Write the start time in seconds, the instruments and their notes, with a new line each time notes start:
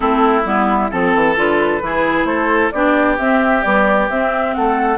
0.00 bassoon A3, clarinet C4, oboe E4, flute A4
0.44 bassoon G3, clarinet B3, flute E4
0.91 bassoon F3, clarinet C4, oboe A4, flute A4
1.14 bassoon E3
1.36 bassoon D3, clarinet F4, flute B4
1.81 bassoon E3, clarinet E4, oboe G#4
2.24 bassoon A3, oboe A4, flute C5
2.71 bassoon B3, clarinet D4, oboe G4, flute D5
3.18 bassoon C4, clarinet C4, flute E5
3.62 clarinet G3, bassoon B3, flute D5
4.09 bassoon C4, clarinet C4, flute E5
4.54 bassoon A3, oboe A4, flute F#5